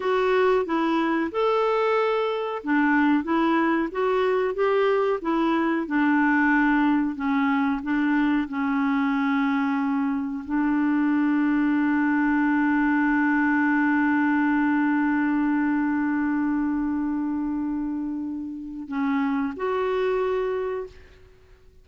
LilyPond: \new Staff \with { instrumentName = "clarinet" } { \time 4/4 \tempo 4 = 92 fis'4 e'4 a'2 | d'4 e'4 fis'4 g'4 | e'4 d'2 cis'4 | d'4 cis'2. |
d'1~ | d'1~ | d'1~ | d'4 cis'4 fis'2 | }